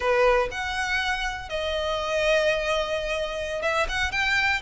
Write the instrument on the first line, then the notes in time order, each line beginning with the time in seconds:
violin
0.00 B4
0.51 F#5
1.49 D#5
3.62 E5
3.88 F#5
4.11 G5